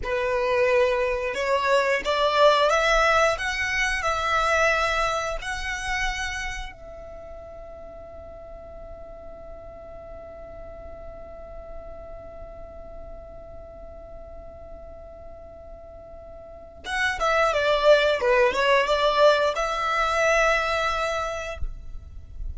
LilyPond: \new Staff \with { instrumentName = "violin" } { \time 4/4 \tempo 4 = 89 b'2 cis''4 d''4 | e''4 fis''4 e''2 | fis''2 e''2~ | e''1~ |
e''1~ | e''1~ | e''4 fis''8 e''8 d''4 b'8 cis''8 | d''4 e''2. | }